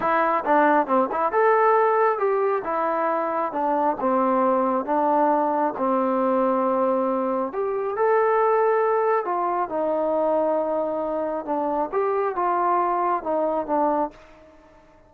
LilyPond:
\new Staff \with { instrumentName = "trombone" } { \time 4/4 \tempo 4 = 136 e'4 d'4 c'8 e'8 a'4~ | a'4 g'4 e'2 | d'4 c'2 d'4~ | d'4 c'2.~ |
c'4 g'4 a'2~ | a'4 f'4 dis'2~ | dis'2 d'4 g'4 | f'2 dis'4 d'4 | }